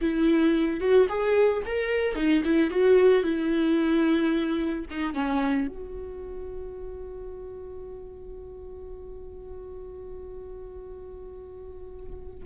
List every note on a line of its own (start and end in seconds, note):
0.01 0.80 E4
0.80 1.07 F#4
1.08 1.62 G#4
1.65 2.15 A#4
2.15 2.42 D#4
2.44 2.70 E4
2.70 3.23 F#4
3.23 4.85 E4
4.90 5.14 D#4
5.14 5.67 C#4
5.67 12.43 F#4